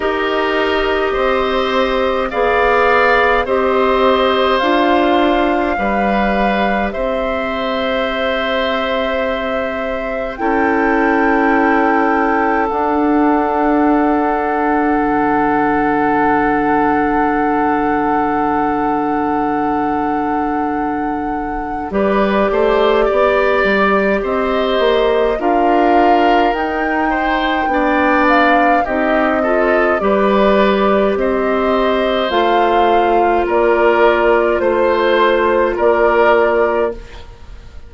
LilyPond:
<<
  \new Staff \with { instrumentName = "flute" } { \time 4/4 \tempo 4 = 52 dis''2 f''4 dis''4 | f''2 e''2~ | e''4 g''2 fis''4~ | fis''1~ |
fis''2. d''4~ | d''4 dis''4 f''4 g''4~ | g''8 f''8 dis''4 d''4 dis''4 | f''4 d''4 c''4 d''4 | }
  \new Staff \with { instrumentName = "oboe" } { \time 4/4 ais'4 c''4 d''4 c''4~ | c''4 b'4 c''2~ | c''4 a'2.~ | a'1~ |
a'2. b'8 c''8 | d''4 c''4 ais'4. c''8 | d''4 g'8 a'8 b'4 c''4~ | c''4 ais'4 c''4 ais'4 | }
  \new Staff \with { instrumentName = "clarinet" } { \time 4/4 g'2 gis'4 g'4 | f'4 g'2.~ | g'4 e'2 d'4~ | d'1~ |
d'2. g'4~ | g'2 f'4 dis'4 | d'4 dis'8 f'8 g'2 | f'1 | }
  \new Staff \with { instrumentName = "bassoon" } { \time 4/4 dis'4 c'4 b4 c'4 | d'4 g4 c'2~ | c'4 cis'2 d'4~ | d'4 d2.~ |
d2. g8 a8 | b8 g8 c'8 ais8 d'4 dis'4 | b4 c'4 g4 c'4 | a4 ais4 a4 ais4 | }
>>